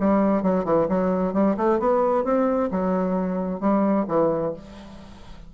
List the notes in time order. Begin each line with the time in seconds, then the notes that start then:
0.00 G3
0.43 F#3
0.65 E3
0.89 F#3
1.34 G3
1.57 A3
1.80 B3
2.25 C4
2.71 F#3
3.61 G3
4.08 E3